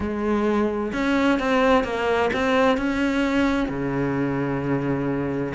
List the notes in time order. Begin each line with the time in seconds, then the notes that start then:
0.00 G#3
0.93 C#4
1.39 C4
1.84 A#3
2.33 C4
2.77 C#4
3.68 C#3